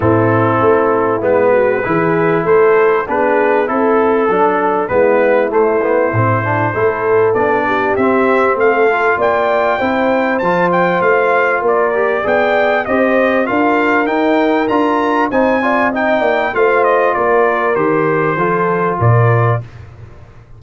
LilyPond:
<<
  \new Staff \with { instrumentName = "trumpet" } { \time 4/4 \tempo 4 = 98 a'2 b'2 | c''4 b'4 a'2 | b'4 c''2. | d''4 e''4 f''4 g''4~ |
g''4 a''8 g''8 f''4 d''4 | g''4 dis''4 f''4 g''4 | ais''4 gis''4 g''4 f''8 dis''8 | d''4 c''2 d''4 | }
  \new Staff \with { instrumentName = "horn" } { \time 4/4 e'2~ e'8 fis'8 gis'4 | a'4 gis'4 a'2 | e'2. a'4~ | a'8 g'4. a'4 d''4 |
c''2. ais'4 | d''4 c''4 ais'2~ | ais'4 c''8 d''8 dis''8 d''8 c''4 | ais'2 a'4 ais'4 | }
  \new Staff \with { instrumentName = "trombone" } { \time 4/4 c'2 b4 e'4~ | e'4 d'4 e'4 d'4 | b4 a8 b8 c'8 d'8 e'4 | d'4 c'4. f'4. |
e'4 f'2~ f'8 g'8 | gis'4 g'4 f'4 dis'4 | f'4 dis'8 f'8 dis'4 f'4~ | f'4 g'4 f'2 | }
  \new Staff \with { instrumentName = "tuba" } { \time 4/4 a,4 a4 gis4 e4 | a4 b4 c'4 fis4 | gis4 a4 a,4 a4 | b4 c'4 a4 ais4 |
c'4 f4 a4 ais4 | b4 c'4 d'4 dis'4 | d'4 c'4. ais8 a4 | ais4 dis4 f4 ais,4 | }
>>